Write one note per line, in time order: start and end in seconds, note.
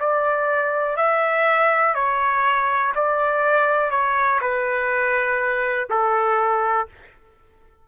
0.00 0.97 D5
0.97 1.95 E5
1.95 2.93 C#5
2.96 3.91 D5
3.91 4.40 C#5
4.41 5.89 B4
5.90 6.88 A4